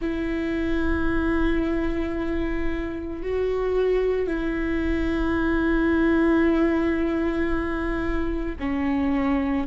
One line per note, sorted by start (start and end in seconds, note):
0.00 3.22 E4
3.22 4.26 F#4
4.26 8.55 E4
8.60 9.67 C#4